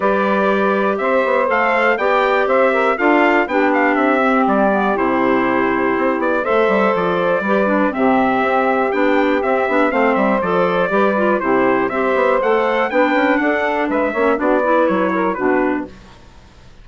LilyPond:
<<
  \new Staff \with { instrumentName = "trumpet" } { \time 4/4 \tempo 4 = 121 d''2 e''4 f''4 | g''4 e''4 f''4 g''8 f''8 | e''4 d''4 c''2~ | c''8 d''8 e''4 d''2 |
e''2 g''4 e''4 | f''8 e''8 d''2 c''4 | e''4 fis''4 g''4 fis''4 | e''4 d''4 cis''4 b'4 | }
  \new Staff \with { instrumentName = "saxophone" } { \time 4/4 b'2 c''2 | d''4 c''8 ais'8 a'4 g'4~ | g'1~ | g'4 c''2 b'4 |
g'1 | c''2 b'4 g'4 | c''2 b'4 a'4 | b'8 cis''8 fis'8 b'4 ais'8 fis'4 | }
  \new Staff \with { instrumentName = "clarinet" } { \time 4/4 g'2. a'4 | g'2 f'4 d'4~ | d'8 c'4 b8 e'2~ | e'4 a'2 g'8 d'8 |
c'2 d'4 c'8 d'8 | c'4 a'4 g'8 f'8 e'4 | g'4 a'4 d'2~ | d'8 cis'8 d'8 e'4. d'4 | }
  \new Staff \with { instrumentName = "bassoon" } { \time 4/4 g2 c'8 b8 a4 | b4 c'4 d'4 b4 | c'4 g4 c2 | c'8 b8 a8 g8 f4 g4 |
c4 c'4 b4 c'8 b8 | a8 g8 f4 g4 c4 | c'8 b8 a4 b8 cis'8 d'4 | gis8 ais8 b4 fis4 b,4 | }
>>